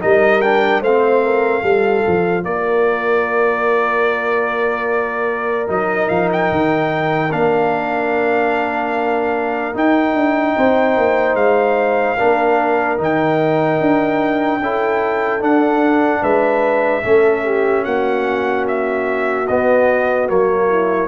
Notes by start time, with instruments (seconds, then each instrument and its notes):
0.00 tuba G3, trombone D#4, horn A#4, trumpet D#5
0.41 trombone D4, trumpet G5
0.81 tuba A3, trombone C4, horn C5, trumpet F5
1.24 horn A#4
1.62 tuba G3, trombone F4, horn A4
2.07 tuba F3
2.44 tuba A#3, horn A#4, trumpet D5
5.67 tuba F#3, trombone D#4, trumpet D#5
6.08 tuba F3, trumpet F5
6.32 trumpet G5
6.51 tuba D#3
7.31 tuba A#3, trombone D4, trumpet F5
9.73 trombone D#4, tuba D#4, trumpet G5
10.14 tuba D4
10.56 tuba C4, horn C5
10.97 tuba A#3
11.34 tuba G#3, trumpet F5
12.17 tuba A#3, trombone D4, horn A#4
12.97 tuba D#3, trombone D#4, trumpet G5
13.80 tuba D4
14.60 tuba C#4, trombone E4, horn A4
15.40 trombone D4, tuba D4, trumpet F#5
16.21 tuba G#3, horn B4, trumpet E5
17.02 tuba A3, trombone C#4, horn A4
17.44 horn G4
17.84 tuba A#3, horn F#4, trumpet F#5
18.67 trumpet E5
19.47 tuba B3, trombone B3, trumpet D#5
20.28 tuba F#3, trombone A#3, trumpet C#5
20.68 horn E4